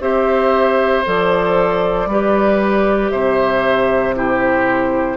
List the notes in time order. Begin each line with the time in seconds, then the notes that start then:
0.00 C4 G4 C5 E5
1.05 F3 A4 D5
2.06 G3 G4 B4
3.10 C3 C5 E5
4.16 E4 G4 C5